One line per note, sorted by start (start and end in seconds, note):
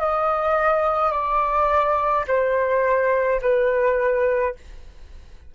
0.00 1.12 D#5
1.12 2.25 D5
2.28 3.41 C5
3.42 4.55 B4